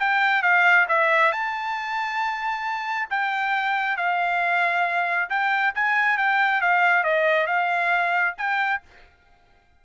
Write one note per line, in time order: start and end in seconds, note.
0.00 0.43 G5
0.43 0.87 F5
0.89 1.32 E5
1.32 3.09 A5
3.11 3.97 G5
3.97 5.30 F5
5.30 5.74 G5
5.75 6.18 G#5
6.18 6.62 G5
6.62 7.04 F5
7.04 7.47 D#5
7.47 8.35 F5
8.38 8.82 G5